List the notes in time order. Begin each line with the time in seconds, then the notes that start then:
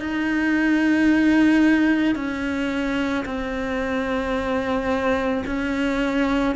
0.00 D#4
2.15 C#4
3.25 C4
5.46 C#4